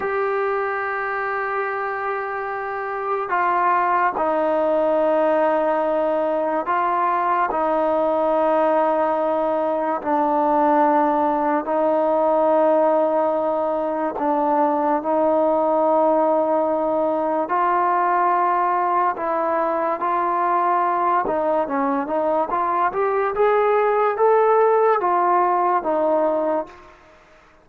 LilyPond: \new Staff \with { instrumentName = "trombone" } { \time 4/4 \tempo 4 = 72 g'1 | f'4 dis'2. | f'4 dis'2. | d'2 dis'2~ |
dis'4 d'4 dis'2~ | dis'4 f'2 e'4 | f'4. dis'8 cis'8 dis'8 f'8 g'8 | gis'4 a'4 f'4 dis'4 | }